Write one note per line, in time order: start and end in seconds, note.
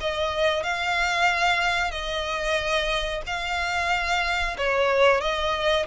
0.00 0.63 D#5
0.63 1.91 F5
1.91 3.21 D#5
3.26 4.57 F5
4.57 5.20 C#5
5.20 5.85 D#5